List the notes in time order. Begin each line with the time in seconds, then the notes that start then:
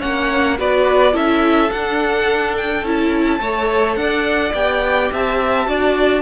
0.00 A#3 C#4 C#5 F#5
0.58 B3 F#4 B4 D5
1.12 C#4 E4 A4 E5
1.71 D4 F#5
2.57 G5
2.83 C#4 E4 A5
3.40 A3 A4 C#5
3.96 D4 D5 F#5
4.54 B3 G4 G5
5.12 C4 E5 A5
5.66 D4 F#4 D5